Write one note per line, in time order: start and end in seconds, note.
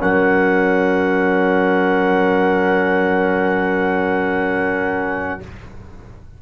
0.00 5.42 F#3
0.00 5.40 C#4
0.00 5.41 A#4
0.00 5.41 F#5